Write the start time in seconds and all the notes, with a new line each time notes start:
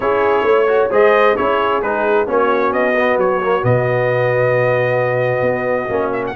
0.00 C#4 E4 G#4 C#5
0.42 A3 C#5
0.67 F#4
0.90 G#3 G#4 C5 D#5
1.36 C#4 E4 G#4 C#5
1.81 G#3 D#4 B4
2.26 A#3 C#4 F#4 C#5
2.72 B3 D#5
2.96 B3
3.17 F#3 C#5
3.42 A#3
3.62 B2 B3 D#5
5.42 B3
5.89 A#3 C#4
6.12 E5
6.26 F#5